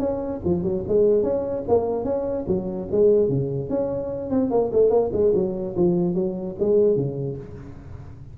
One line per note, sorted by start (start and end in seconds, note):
0.00 0.41 C#4
0.45 0.63 F3
0.63 0.84 F#3
0.88 1.23 G#3
1.23 1.64 C#4
1.68 2.05 A#3
2.05 2.45 C#4
2.48 2.89 F#3
2.92 3.29 G#3
3.29 3.70 C#3
3.70 4.30 C#4
4.30 4.51 C4
4.51 4.71 A#3
4.73 4.91 A3
4.91 5.11 A#3
5.13 5.33 G#3
5.35 5.76 F#3
5.77 6.15 F3
6.15 6.56 F#3
6.60 6.97 G#3
6.97 7.37 C#3